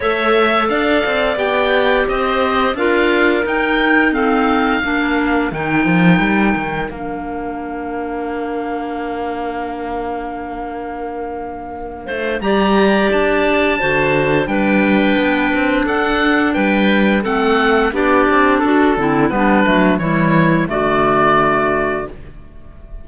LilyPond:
<<
  \new Staff \with { instrumentName = "oboe" } { \time 4/4 \tempo 4 = 87 e''4 f''4 g''4 dis''4 | f''4 g''4 f''2 | g''2 f''2~ | f''1~ |
f''2 ais''4 a''4~ | a''4 g''2 fis''4 | g''4 fis''4 d''4 a'4 | b'4 cis''4 d''2 | }
  \new Staff \with { instrumentName = "clarinet" } { \time 4/4 cis''4 d''2 c''4 | ais'2 a'4 ais'4~ | ais'1~ | ais'1~ |
ais'4. c''8 d''2 | c''4 b'2 a'4 | b'4 a'4 g'4 fis'8 e'8 | d'4 e'4 fis'2 | }
  \new Staff \with { instrumentName = "clarinet" } { \time 4/4 a'2 g'2 | f'4 dis'4 c'4 d'4 | dis'2 d'2~ | d'1~ |
d'2 g'2 | fis'4 d'2.~ | d'4 c'4 d'4. c'8 | b8 a8 g4 a2 | }
  \new Staff \with { instrumentName = "cello" } { \time 4/4 a4 d'8 c'8 b4 c'4 | d'4 dis'2 ais4 | dis8 f8 g8 dis8 ais2~ | ais1~ |
ais4. a8 g4 d'4 | d4 g4 b8 c'8 d'4 | g4 a4 b8 c'8 d'8 d8 | g8 fis8 e4 d2 | }
>>